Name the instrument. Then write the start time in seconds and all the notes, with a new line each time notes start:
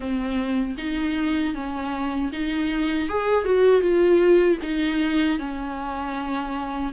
viola
0.00 C4
0.77 D#4
1.54 C#4
2.32 D#4
3.08 G#4
3.44 F#4
3.81 F4
4.62 D#4
5.38 C#4